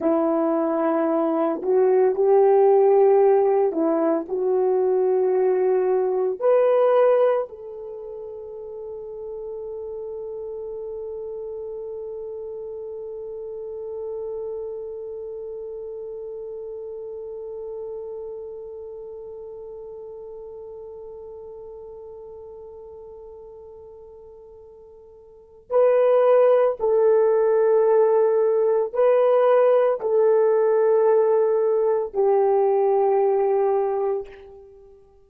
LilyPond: \new Staff \with { instrumentName = "horn" } { \time 4/4 \tempo 4 = 56 e'4. fis'8 g'4. e'8 | fis'2 b'4 a'4~ | a'1~ | a'1~ |
a'1~ | a'1 | b'4 a'2 b'4 | a'2 g'2 | }